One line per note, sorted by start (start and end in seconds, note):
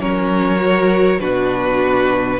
0.00 1.21 F#3
0.00 0.58 C#4
0.00 1.20 A#4
0.00 1.20 C#5
0.58 1.19 F#4
1.20 2.40 B2
1.20 2.40 D4
1.20 2.40 F#4
1.20 2.40 B4